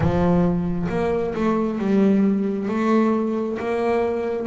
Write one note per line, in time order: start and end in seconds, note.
0.00 0.87 F3
0.89 1.34 A#3
1.34 1.78 A3
1.78 2.68 G3
2.68 3.58 A3
3.58 4.47 A#3